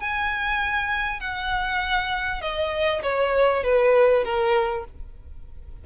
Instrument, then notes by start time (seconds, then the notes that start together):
violin
0.00 G#5
1.20 F#5
2.41 D#5
3.02 C#5
3.63 B4
4.24 A#4